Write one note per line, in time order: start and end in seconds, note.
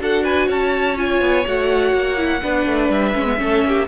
0.00 0.48 D4
0.00 0.97 F#4
0.00 0.24 A4
0.00 0.25 F#5
0.24 0.48 B4
0.24 0.49 G#5
0.48 1.21 C#4
0.48 2.41 C#5
0.48 0.98 A5
0.97 1.45 F4
0.97 1.46 G#5
1.21 1.45 B3
1.46 1.93 A3
1.46 2.18 F#4
1.46 2.92 F#5
1.93 2.41 A#3
2.18 2.42 E4
2.42 2.66 B3
2.42 3.15 D4
2.42 3.39 B4
2.66 2.90 A3
2.90 3.14 G3
2.90 3.88 E5
3.15 3.40 G#3
3.15 3.26 C#4
3.26 3.38 B3
3.38 3.64 A3
3.38 3.86 C#4
3.38 3.66 A4
3.65 3.88 A#3
3.65 3.88 G4